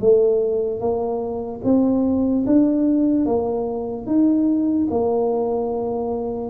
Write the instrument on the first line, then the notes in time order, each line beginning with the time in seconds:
tuba
0.00 A3
0.79 A#3
1.64 C4
2.46 D4
3.25 A#3
4.06 D#4
4.90 A#3